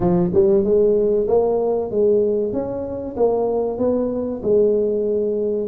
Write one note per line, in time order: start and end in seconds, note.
0.00 0.30 F3
0.33 0.63 G3
0.63 1.27 G#3
1.27 1.90 A#3
1.90 2.52 G#3
2.52 3.16 C#4
3.16 3.78 A#3
3.78 4.41 B3
4.42 5.67 G#3